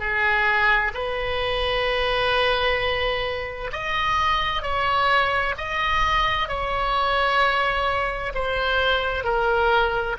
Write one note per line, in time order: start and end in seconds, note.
0.00 0.92 G#4
0.94 3.71 B4
3.73 4.63 D#5
4.63 5.55 C#5
5.58 6.49 D#5
6.49 8.33 C#5
8.35 9.24 C5
9.24 10.17 A#4